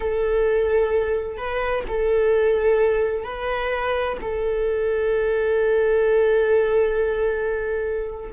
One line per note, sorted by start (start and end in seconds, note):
0.00 1.37 A4
1.37 1.84 B4
1.88 3.23 A4
3.23 4.17 B4
4.21 8.31 A4